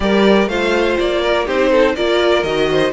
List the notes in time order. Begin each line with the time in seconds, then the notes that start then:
0.00 G3 G4 A#4 D5
0.47 A3 F4 C5 F5
0.99 A#3 D5
1.21 A#4
1.45 C4 D#4 G4 C5
1.70 A4
1.95 A#3 F4 A#4 D5
2.43 D#3 F#4 D#5
2.71 C5